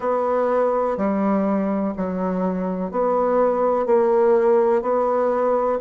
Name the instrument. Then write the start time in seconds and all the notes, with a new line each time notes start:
bassoon
0.00 B3
0.97 G3
1.96 F#3
2.91 B3
3.85 A#3
4.81 B3